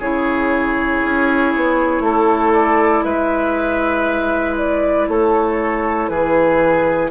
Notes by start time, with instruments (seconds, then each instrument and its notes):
0.00 bassoon C#3, clarinet E4, oboe G#4, flute C#5
1.04 bassoon C#4
1.56 bassoon B3
2.00 bassoon A3, oboe A4
2.53 flute D5
3.03 bassoon G#3, oboe B4, flute E5
4.58 flute D5
5.09 bassoon A3, oboe A4, flute C#5
6.09 bassoon E3, oboe G#4, flute B4